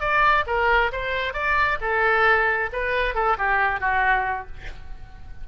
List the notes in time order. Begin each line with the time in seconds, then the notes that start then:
0.00 D5
0.47 A#4
0.92 C5
1.33 D5
1.81 A4
2.73 B4
3.15 A4
3.37 G4
3.80 F#4